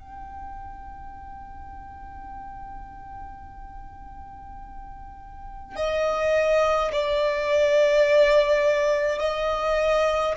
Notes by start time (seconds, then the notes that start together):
0.00 G5
5.76 D#5
6.92 D5
9.19 D#5